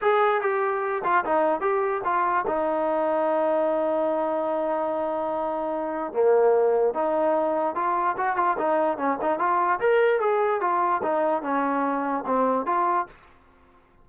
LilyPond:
\new Staff \with { instrumentName = "trombone" } { \time 4/4 \tempo 4 = 147 gis'4 g'4. f'8 dis'4 | g'4 f'4 dis'2~ | dis'1~ | dis'2. ais4~ |
ais4 dis'2 f'4 | fis'8 f'8 dis'4 cis'8 dis'8 f'4 | ais'4 gis'4 f'4 dis'4 | cis'2 c'4 f'4 | }